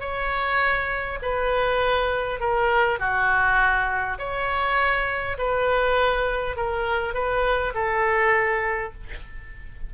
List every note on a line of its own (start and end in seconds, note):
0.00 1.19 C#5
1.22 2.40 B4
2.40 2.99 A#4
2.99 4.18 F#4
4.18 5.37 C#5
5.38 6.56 B4
6.56 7.14 A#4
7.14 7.73 B4
7.74 8.93 A4